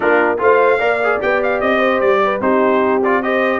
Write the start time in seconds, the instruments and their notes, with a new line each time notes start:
0.00 tuba A#3, trombone D4, horn F4, trumpet A#4
0.38 tuba A3, trombone F4, horn C5, trumpet F5
0.79 tuba A#3, trombone A#4, horn D5
1.03 trombone G#4
1.20 tuba B3, trombone G4, trumpet G5
1.43 trumpet F5
1.60 tuba C4, trumpet D#5
1.78 horn C5
2.00 tuba G3, trumpet D5
2.23 horn B4
2.40 tuba C4, trombone D#4, horn G4, trumpet C5
3.03 trombone F4, trumpet D5
3.22 trombone G4, horn C5, trumpet D#5